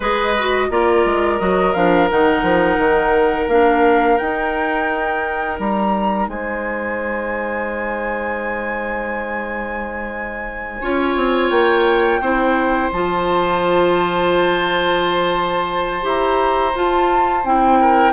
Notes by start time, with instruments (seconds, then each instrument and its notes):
0.00 bassoon G#3, clarinet G#4, oboe B4, flute D#5
0.39 clarinet F#4
0.70 bassoon A#3, clarinet F4, oboe A#4, flute D5
1.05 bassoon G#3
1.39 bassoon F#3, clarinet F#4, flute D#5
1.73 bassoon F3, clarinet D4, flute F5
2.10 bassoon D#3, clarinet D#4, flute F#5
2.42 bassoon F3
2.77 bassoon D#3
3.47 bassoon A#3, clarinet D4, flute F5
4.17 clarinet D#4, bassoon D#4, flute G5
5.59 bassoon G3, flute A#5
6.27 bassoon G#3, oboe C5, flute G#5
10.81 bassoon C#4, clarinet F4, oboe C#5
11.16 bassoon C4
11.50 bassoon A#3, flute G5
12.20 bassoon C4, clarinet E4, oboe C5
12.92 bassoon F3, clarinet F4, flute A5
16.02 bassoon E4, clarinet G4, flute A#5
16.74 bassoon F4, clarinet F4, flute A5
17.44 bassoon C4, clarinet E4, flute G5
17.80 oboe A#4